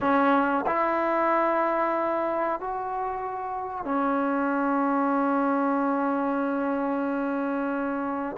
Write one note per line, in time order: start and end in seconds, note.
0.00 0.65 C#4
0.66 2.60 E4
2.60 3.84 F#4
3.84 8.36 C#4